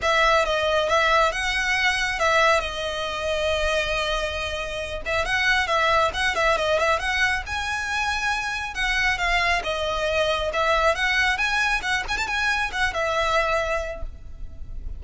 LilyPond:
\new Staff \with { instrumentName = "violin" } { \time 4/4 \tempo 4 = 137 e''4 dis''4 e''4 fis''4~ | fis''4 e''4 dis''2~ | dis''2.~ dis''8 e''8 | fis''4 e''4 fis''8 e''8 dis''8 e''8 |
fis''4 gis''2. | fis''4 f''4 dis''2 | e''4 fis''4 gis''4 fis''8 gis''16 a''16 | gis''4 fis''8 e''2~ e''8 | }